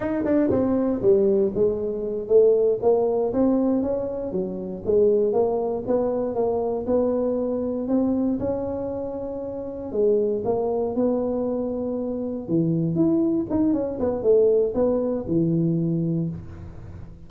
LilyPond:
\new Staff \with { instrumentName = "tuba" } { \time 4/4 \tempo 4 = 118 dis'8 d'8 c'4 g4 gis4~ | gis8 a4 ais4 c'4 cis'8~ | cis'8 fis4 gis4 ais4 b8~ | b8 ais4 b2 c'8~ |
c'8 cis'2. gis8~ | gis8 ais4 b2~ b8~ | b8 e4 e'4 dis'8 cis'8 b8 | a4 b4 e2 | }